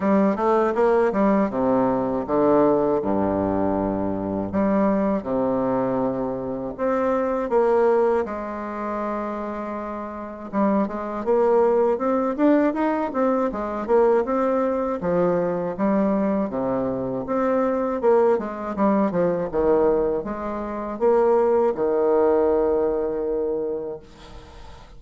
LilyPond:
\new Staff \with { instrumentName = "bassoon" } { \time 4/4 \tempo 4 = 80 g8 a8 ais8 g8 c4 d4 | g,2 g4 c4~ | c4 c'4 ais4 gis4~ | gis2 g8 gis8 ais4 |
c'8 d'8 dis'8 c'8 gis8 ais8 c'4 | f4 g4 c4 c'4 | ais8 gis8 g8 f8 dis4 gis4 | ais4 dis2. | }